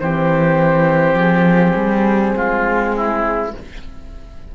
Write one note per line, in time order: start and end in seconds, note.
0.00 1.14 E3
0.00 3.54 C4
0.00 2.37 G4
0.00 1.18 C5
1.14 1.73 F3
1.14 3.54 G#4
1.76 2.35 G3
2.36 3.54 G#3
2.36 2.95 F4
2.97 3.56 E4